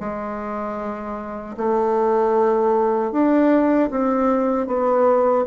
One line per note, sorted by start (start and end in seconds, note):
0.00 1.56 G#3
1.57 3.12 A3
3.12 3.90 D4
3.91 4.67 C4
4.67 5.45 B3